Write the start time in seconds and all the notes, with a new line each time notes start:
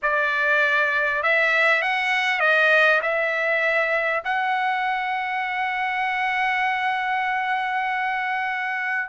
0.02 D5
1.22 E5
1.82 F#5
2.40 D#5
3.02 E5
4.24 F#5